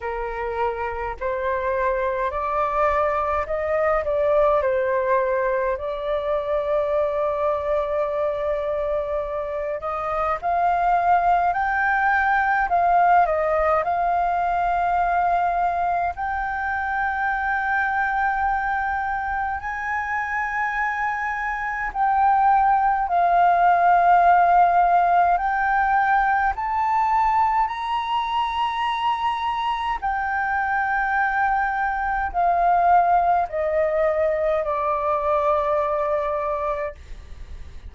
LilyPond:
\new Staff \with { instrumentName = "flute" } { \time 4/4 \tempo 4 = 52 ais'4 c''4 d''4 dis''8 d''8 | c''4 d''2.~ | d''8 dis''8 f''4 g''4 f''8 dis''8 | f''2 g''2~ |
g''4 gis''2 g''4 | f''2 g''4 a''4 | ais''2 g''2 | f''4 dis''4 d''2 | }